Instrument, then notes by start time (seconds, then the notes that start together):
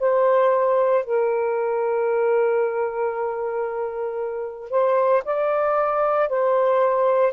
saxophone
0.00 C5
1.05 A#4
4.71 C5
5.25 D5
6.30 C5